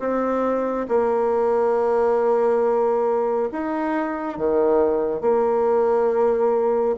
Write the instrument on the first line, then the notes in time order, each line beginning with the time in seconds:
bassoon
0.00 C4
0.89 A#3
3.52 D#4
4.38 D#3
5.21 A#3